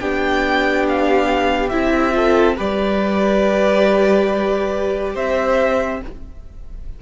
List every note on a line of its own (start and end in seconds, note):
0.00 1.72 B3
0.00 1.71 D4
0.00 2.14 G4
0.00 0.86 G5
0.89 1.69 F5
1.69 2.58 C4
1.69 2.12 E4
1.69 2.55 E5
2.12 2.55 F4
2.12 2.56 A4
2.56 5.16 G3
2.56 6.01 G4
2.56 5.14 B4
2.56 5.16 D5
5.14 6.01 C4
5.14 6.00 C5
5.14 6.02 E5